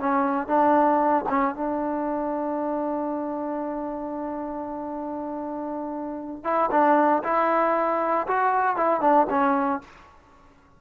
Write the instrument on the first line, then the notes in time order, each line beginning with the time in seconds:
trombone
0.00 C#4
0.47 D4
1.29 C#4
1.55 D4
6.44 E4
6.71 D4
7.23 E4
8.27 F#4
8.77 E4
9.01 D4
9.30 C#4